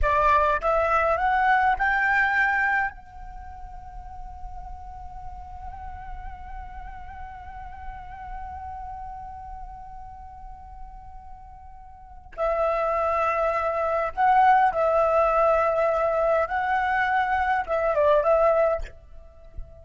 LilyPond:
\new Staff \with { instrumentName = "flute" } { \time 4/4 \tempo 4 = 102 d''4 e''4 fis''4 g''4~ | g''4 fis''2.~ | fis''1~ | fis''1~ |
fis''1~ | fis''4 e''2. | fis''4 e''2. | fis''2 e''8 d''8 e''4 | }